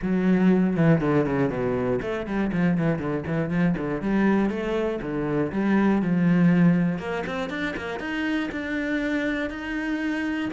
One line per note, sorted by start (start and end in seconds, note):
0.02 0.76 F#3
0.76 1.00 E3
1.00 1.25 D3
1.25 1.49 C#3
1.49 1.99 B2
2.01 2.26 A3
2.26 2.51 G3
2.52 2.77 F3
2.77 2.99 E3
2.99 3.24 D3
3.26 3.50 E3
3.50 3.75 F3
3.77 4.01 D3
4.01 4.50 G3
4.50 5.00 A3
5.01 5.51 D3
5.51 6.01 G3
6.01 6.99 F3
6.99 7.24 A#3
7.26 7.49 C4
7.49 7.74 D4
7.76 7.99 A#3
7.99 8.49 D#4
8.51 9.50 D4
9.50 10.50 D#4